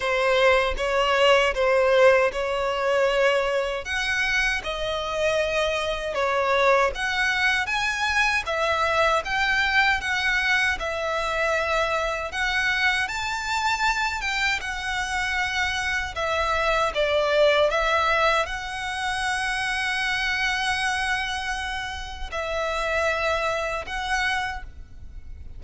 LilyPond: \new Staff \with { instrumentName = "violin" } { \time 4/4 \tempo 4 = 78 c''4 cis''4 c''4 cis''4~ | cis''4 fis''4 dis''2 | cis''4 fis''4 gis''4 e''4 | g''4 fis''4 e''2 |
fis''4 a''4. g''8 fis''4~ | fis''4 e''4 d''4 e''4 | fis''1~ | fis''4 e''2 fis''4 | }